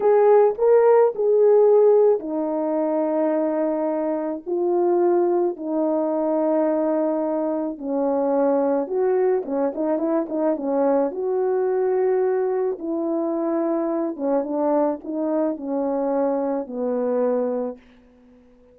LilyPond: \new Staff \with { instrumentName = "horn" } { \time 4/4 \tempo 4 = 108 gis'4 ais'4 gis'2 | dis'1 | f'2 dis'2~ | dis'2 cis'2 |
fis'4 cis'8 dis'8 e'8 dis'8 cis'4 | fis'2. e'4~ | e'4. cis'8 d'4 dis'4 | cis'2 b2 | }